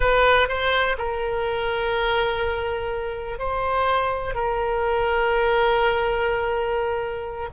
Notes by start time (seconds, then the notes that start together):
0.00 B4
0.48 C5
0.98 A#4
3.38 C5
4.34 A#4